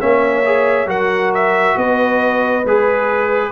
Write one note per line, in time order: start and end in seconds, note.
0.00 0.87 A#3
0.00 0.44 C#4
0.00 0.88 C#5
0.00 0.89 E5
0.45 0.87 G#4
0.87 1.75 F#3
0.87 2.63 F#4
0.87 1.76 A#4
0.87 1.33 F#5
1.34 1.78 E5
1.76 2.65 B3
1.76 3.52 B4
1.76 2.66 D#5
2.65 3.52 G#3
2.65 3.52 G#4
2.65 3.52 B4